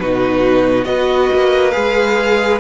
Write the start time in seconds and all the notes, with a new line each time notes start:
0.00 B2 D#4 F#4 B4
0.85 B3 F#4 B4 D#5
1.34 A#3
1.72 G#3 G#4 F5